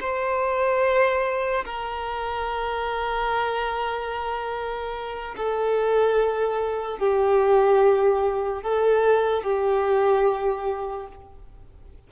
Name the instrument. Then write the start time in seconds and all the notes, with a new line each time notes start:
violin
0.00 C5
1.65 A#4
5.36 A4
6.98 G4
8.63 A4
9.43 G4